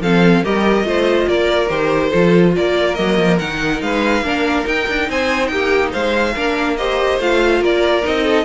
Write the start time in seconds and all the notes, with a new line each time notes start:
0.00 F3 C4 A4 F5
0.43 G3 G4 A#4 D#5
0.83 A3 F4 C5
1.28 A#3 A#4 D5
1.68 D#3 G4 C5
2.09 F3 F4 A4
2.56 A#3 A#4 D5
2.95 F#3 A#3 D#5
3.18 F3
3.38 D#3 D#4 F#5
3.81 G#3 B4 F5
4.21 A#3 D4 A#4
4.64 D#4 G5
4.88 D4
5.09 C4 C5 G#5
5.47 A#3 G4 G5
5.91 G#3 C5 F5
6.34 A#3 D4 A#4
6.76 G4 C5 D#5
7.18 A3 F4 F5
7.60 A#3 A#4 D5
8.02 C4 D#4 D#5
8.24 A4